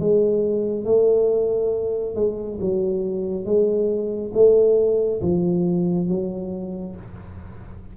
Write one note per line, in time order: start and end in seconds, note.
0.00 0.85 G#3
0.85 2.15 A3
2.15 2.59 G#3
2.61 3.45 F#3
3.45 4.32 G#3
4.34 5.21 A3
5.22 6.09 F3
6.09 6.96 F#3